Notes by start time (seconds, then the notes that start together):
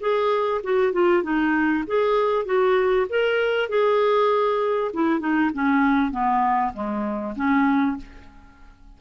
0.00 G#4
0.63 F#4
0.93 F4
1.23 D#4
1.87 G#4
2.45 F#4
3.09 A#4
3.69 G#4
4.93 E4
5.20 D#4
5.54 C#4
6.11 B3
6.73 G#3
7.36 C#4